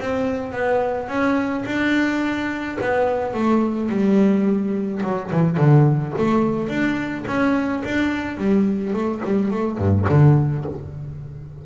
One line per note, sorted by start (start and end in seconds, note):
0.00 0.52 C4
0.52 1.08 B3
1.08 1.64 C#4
1.65 2.77 D4
2.81 3.33 B3
3.33 3.89 A3
3.89 5.01 G3
5.03 5.31 F#3
5.31 5.57 E3
5.57 6.13 D3
6.17 6.68 A3
6.68 7.24 D4
7.27 7.83 C#4
7.84 8.37 D4
8.37 8.93 G3
8.93 9.21 A3
9.24 9.50 G3
9.50 9.77 A3
9.77 10.06 G2
10.09 10.65 D3